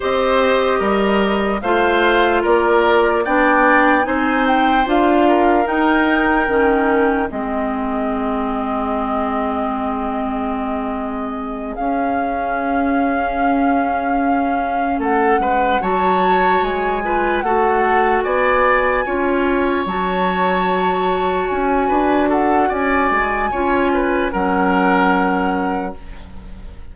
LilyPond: <<
  \new Staff \with { instrumentName = "flute" } { \time 4/4 \tempo 4 = 74 dis''2 f''4 d''4 | g''4 gis''8 g''8 f''4 g''4~ | g''4 dis''2.~ | dis''2~ dis''8 f''4.~ |
f''2~ f''8 fis''4 a''8~ | a''8 gis''4 fis''4 gis''4.~ | gis''8 a''2 gis''4 fis''8 | gis''2 fis''2 | }
  \new Staff \with { instrumentName = "oboe" } { \time 4/4 c''4 ais'4 c''4 ais'4 | d''4 c''4. ais'4.~ | ais'4 gis'2.~ | gis'1~ |
gis'2~ gis'8 a'8 b'8 cis''8~ | cis''4 b'8 a'4 d''4 cis''8~ | cis''2. b'8 a'8 | d''4 cis''8 b'8 ais'2 | }
  \new Staff \with { instrumentName = "clarinet" } { \time 4/4 g'2 f'2 | d'4 dis'4 f'4 dis'4 | cis'4 c'2.~ | c'2~ c'8 cis'4.~ |
cis'2.~ cis'8 fis'8~ | fis'4 f'8 fis'2 f'8~ | f'8 fis'2.~ fis'8~ | fis'4 f'4 cis'2 | }
  \new Staff \with { instrumentName = "bassoon" } { \time 4/4 c'4 g4 a4 ais4 | b4 c'4 d'4 dis'4 | dis4 gis2.~ | gis2~ gis8 cis'4.~ |
cis'2~ cis'8 a8 gis8 fis8~ | fis8 gis4 a4 b4 cis'8~ | cis'8 fis2 cis'8 d'4 | cis'8 gis8 cis'4 fis2 | }
>>